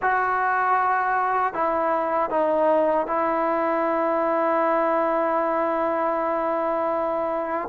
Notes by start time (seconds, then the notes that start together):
0.01 F#4
1.53 E4
2.30 D#4
3.06 E4